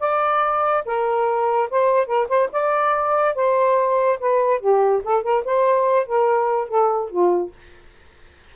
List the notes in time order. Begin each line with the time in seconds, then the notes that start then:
0.00 D5
0.86 A#4
1.71 C5
2.07 A#4
2.29 C5
2.53 D5
3.35 C5
4.20 B4
4.61 G4
5.04 A4
5.23 A#4
5.45 C5
6.06 A#4
6.69 A4
7.10 F4